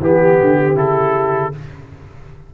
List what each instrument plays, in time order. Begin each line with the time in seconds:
0.00 tuba E3, trombone B3, horn G4, trumpet G4
0.41 tuba D3
0.75 tuba C#3, trombone E4, trumpet A4